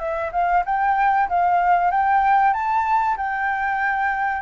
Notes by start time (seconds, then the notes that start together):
0.00 E5
0.32 F5
0.66 G5
1.29 F5
1.91 G5
2.54 A5
3.17 G5